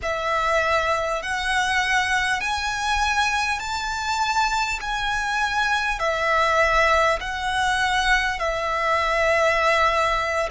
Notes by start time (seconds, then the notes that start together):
0.02 E5
1.22 F#5
2.41 G#5
3.59 A5
4.81 G#5
5.99 E5
7.20 F#5
8.39 E5